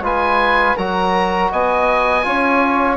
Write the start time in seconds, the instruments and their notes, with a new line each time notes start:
0.00 bassoon G#3, trombone F4, flute B4, oboe G#5
0.76 bassoon F#3, trombone F#4, flute A#4, oboe A#5
1.51 bassoon B3, flute D#5, oboe G#5
2.23 bassoon C#4, trombone F4, flute C#5